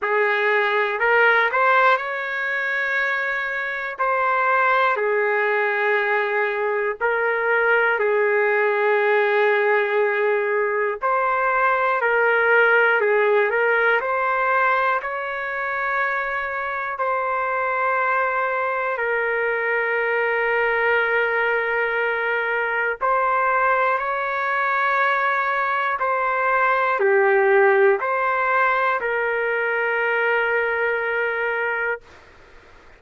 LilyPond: \new Staff \with { instrumentName = "trumpet" } { \time 4/4 \tempo 4 = 60 gis'4 ais'8 c''8 cis''2 | c''4 gis'2 ais'4 | gis'2. c''4 | ais'4 gis'8 ais'8 c''4 cis''4~ |
cis''4 c''2 ais'4~ | ais'2. c''4 | cis''2 c''4 g'4 | c''4 ais'2. | }